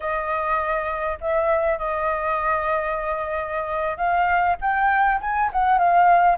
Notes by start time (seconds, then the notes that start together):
0.00 D#5
1.20 E5
1.78 D#5
3.97 F5
4.61 G5
5.20 G#5
5.52 F#5
5.78 F5